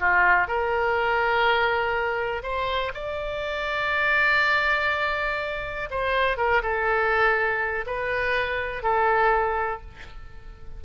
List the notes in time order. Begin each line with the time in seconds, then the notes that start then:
0.00 F4
0.48 A#4
2.43 C5
2.94 D5
5.91 C5
6.38 A#4
6.63 A4
7.87 B4
8.83 A4